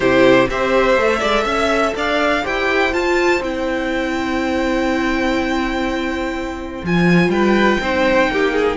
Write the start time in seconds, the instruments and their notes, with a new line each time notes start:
0.00 cello C3, viola E4, violin G4 C5
0.49 cello C4, viola G4, violin C5 E5
0.96 cello A3, viola A4
1.19 cello G#3, violin D5
1.44 cello C#4, violin E5
1.95 cello D4, violin D5 F5
2.43 cello E4, viola G4, violin C5 G5
2.93 viola F4, cello F4, violin A5
3.40 cello C4, viola E4, violin G5
6.83 cello F3, viola F4, violin G#5
7.28 cello G3, violin B4 G5
7.80 cello C4, viola D#4, violin C5
8.30 cello A#3, violin G4
8.52 violin G#4